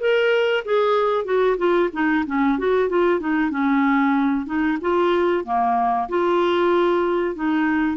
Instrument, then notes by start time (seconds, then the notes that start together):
clarinet
0.00 A#4
0.65 G#4
1.25 F#4
1.58 F4
1.93 D#4
2.26 C#4
2.58 F#4
2.89 F4
3.20 D#4
3.50 C#4
4.46 D#4
4.81 F4
5.44 A#3
6.09 F4
7.35 D#4